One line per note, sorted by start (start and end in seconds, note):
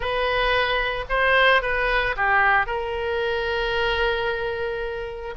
0.00 1.05 B4
1.09 1.62 C5
1.62 2.15 B4
2.16 2.66 G4
2.66 5.34 A#4